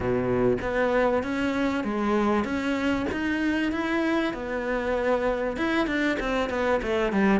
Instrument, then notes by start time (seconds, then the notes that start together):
cello
0.00 B2
0.61 B3
1.23 C#4
1.84 G#3
2.44 C#4
3.11 D#4
3.72 E4
4.33 B3
5.56 E4
5.87 D4
6.19 C4
6.49 B3
6.82 A3
7.12 G3